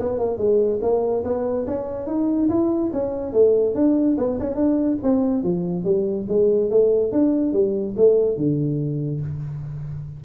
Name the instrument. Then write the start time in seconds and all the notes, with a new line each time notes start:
tuba
0.00 B3
0.19 A#3
0.38 G#3
0.82 A#3
1.24 B3
1.67 C#4
2.07 D#4
2.49 E4
2.93 C#4
3.33 A3
3.75 D4
4.18 B3
4.40 C#4
4.56 D4
5.03 C4
5.44 F3
5.85 G3
6.29 G#3
6.71 A3
7.12 D4
7.53 G3
7.97 A3
8.37 D3